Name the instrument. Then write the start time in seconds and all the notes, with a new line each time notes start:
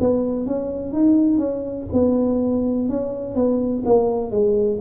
tuba
0.00 B3
0.46 C#4
0.93 D#4
1.38 C#4
1.93 B3
2.89 C#4
3.35 B3
3.85 A#3
4.31 G#3